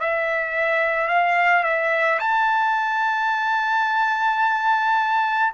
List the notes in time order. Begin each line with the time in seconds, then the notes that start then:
0.00 E5
1.08 F5
1.63 E5
2.19 A5